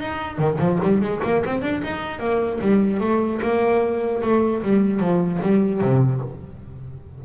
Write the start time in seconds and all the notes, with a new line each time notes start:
0.00 D#4
0.38 D#3
0.59 F3
0.82 G3
1.01 G#3
1.23 A#3
1.45 C4
1.61 D4
1.83 D#4
2.19 A#3
2.61 G3
3.00 A3
3.41 A#3
4.22 A3
4.62 G3
5.00 F3
5.42 G3
5.81 C3